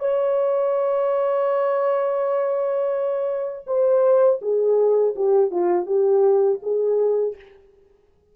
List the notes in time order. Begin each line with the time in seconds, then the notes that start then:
0.00 C#5
3.67 C5
4.42 G#4
5.16 G4
5.51 F4
5.87 G4
6.63 G#4